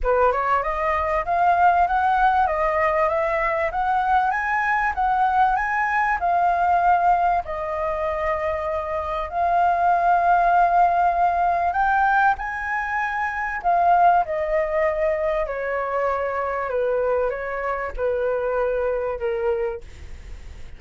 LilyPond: \new Staff \with { instrumentName = "flute" } { \time 4/4 \tempo 4 = 97 b'8 cis''8 dis''4 f''4 fis''4 | dis''4 e''4 fis''4 gis''4 | fis''4 gis''4 f''2 | dis''2. f''4~ |
f''2. g''4 | gis''2 f''4 dis''4~ | dis''4 cis''2 b'4 | cis''4 b'2 ais'4 | }